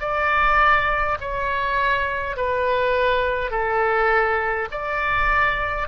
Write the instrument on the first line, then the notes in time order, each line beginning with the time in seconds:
oboe
0.00 D5
1.20 C#5
2.36 B4
3.51 A4
4.71 D5